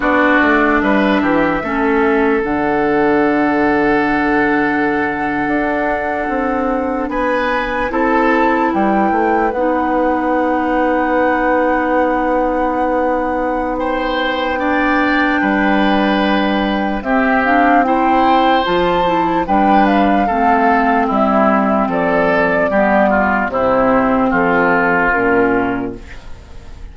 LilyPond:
<<
  \new Staff \with { instrumentName = "flute" } { \time 4/4 \tempo 4 = 74 d''4 e''2 fis''4~ | fis''1~ | fis''8. gis''4 a''4 g''4 fis''16~ | fis''1~ |
fis''4 g''2.~ | g''4 e''8 f''8 g''4 a''4 | g''8 f''4. e''4 d''4~ | d''4 c''4 a'4 ais'4 | }
  \new Staff \with { instrumentName = "oboe" } { \time 4/4 fis'4 b'8 g'8 a'2~ | a'1~ | a'8. b'4 a'4 b'4~ b'16~ | b'1~ |
b'4 c''4 d''4 b'4~ | b'4 g'4 c''2 | b'4 a'4 e'4 a'4 | g'8 f'8 e'4 f'2 | }
  \new Staff \with { instrumentName = "clarinet" } { \time 4/4 d'2 cis'4 d'4~ | d'1~ | d'4.~ d'16 e'2 dis'16~ | dis'1~ |
dis'2 d'2~ | d'4 c'8 d'8 e'4 f'8 e'8 | d'4 c'2. | b4 c'2 cis'4 | }
  \new Staff \with { instrumentName = "bassoon" } { \time 4/4 b8 a8 g8 e8 a4 d4~ | d2~ d8. d'4 c'16~ | c'8. b4 c'4 g8 a8 b16~ | b1~ |
b2. g4~ | g4 c'2 f4 | g4 a4 g4 f4 | g4 c4 f4 ais,4 | }
>>